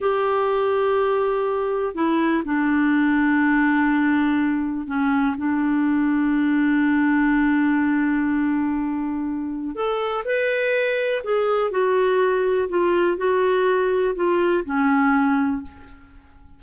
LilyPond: \new Staff \with { instrumentName = "clarinet" } { \time 4/4 \tempo 4 = 123 g'1 | e'4 d'2.~ | d'2 cis'4 d'4~ | d'1~ |
d'1 | a'4 b'2 gis'4 | fis'2 f'4 fis'4~ | fis'4 f'4 cis'2 | }